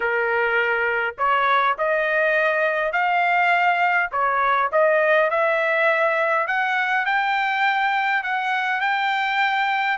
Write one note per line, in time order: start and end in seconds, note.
0.00 1.15 A#4
1.17 1.76 C#5
1.78 2.92 D#5
2.92 4.10 F5
4.11 4.70 C#5
4.72 5.30 D#5
5.30 6.47 E5
6.47 7.05 F#5
7.05 8.23 G5
8.23 8.80 F#5
8.80 9.97 G5